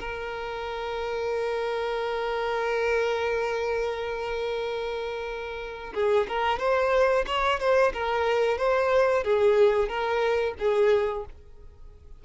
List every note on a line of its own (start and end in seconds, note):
0.00 5.93 A#4
5.94 6.27 G#4
6.28 6.59 A#4
6.59 7.25 C5
7.27 7.60 C#5
7.60 7.93 C5
7.94 8.58 A#4
8.58 9.24 C5
9.24 9.89 G#4
9.89 10.55 A#4
10.59 11.25 G#4